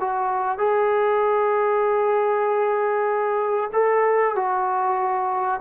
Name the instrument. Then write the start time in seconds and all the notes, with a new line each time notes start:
trombone
0.00 F#4
0.58 G#4
3.73 A4
4.35 F#4